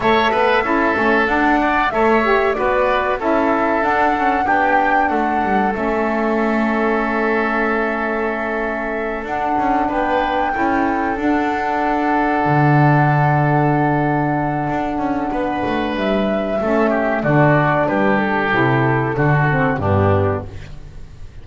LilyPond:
<<
  \new Staff \with { instrumentName = "flute" } { \time 4/4 \tempo 4 = 94 e''2 fis''4 e''4 | d''4 e''4 fis''4 g''4 | fis''4 e''2.~ | e''2~ e''8 fis''4 g''8~ |
g''4. fis''2~ fis''8~ | fis''1~ | fis''4 e''2 d''4 | b'8 a'2~ a'8 g'4 | }
  \new Staff \with { instrumentName = "oboe" } { \time 4/4 cis''8 b'8 a'4. d''8 cis''4 | b'4 a'2 g'4 | a'1~ | a'2.~ a'8 b'8~ |
b'8 a'2.~ a'8~ | a'1 | b'2 a'8 g'8 fis'4 | g'2 fis'4 d'4 | }
  \new Staff \with { instrumentName = "saxophone" } { \time 4/4 a'4 e'8 cis'8 d'4 a'8 g'8 | fis'4 e'4 d'8 cis'8 d'4~ | d'4 cis'2.~ | cis'2~ cis'8 d'4.~ |
d'8 e'4 d'2~ d'8~ | d'1~ | d'2 cis'4 d'4~ | d'4 e'4 d'8 c'8 b4 | }
  \new Staff \with { instrumentName = "double bass" } { \time 4/4 a8 b8 cis'8 a8 d'4 a4 | b4 cis'4 d'4 b4 | a8 g8 a2.~ | a2~ a8 d'8 cis'8 b8~ |
b8 cis'4 d'2 d8~ | d2. d'8 cis'8 | b8 a8 g4 a4 d4 | g4 c4 d4 g,4 | }
>>